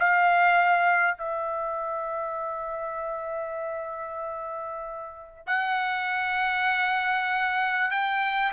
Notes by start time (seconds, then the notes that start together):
0.00 F5
1.19 E5
5.47 F#5
7.91 G5